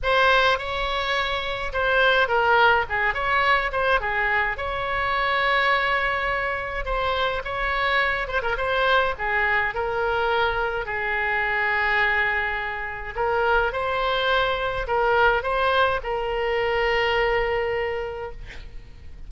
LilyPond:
\new Staff \with { instrumentName = "oboe" } { \time 4/4 \tempo 4 = 105 c''4 cis''2 c''4 | ais'4 gis'8 cis''4 c''8 gis'4 | cis''1 | c''4 cis''4. c''16 ais'16 c''4 |
gis'4 ais'2 gis'4~ | gis'2. ais'4 | c''2 ais'4 c''4 | ais'1 | }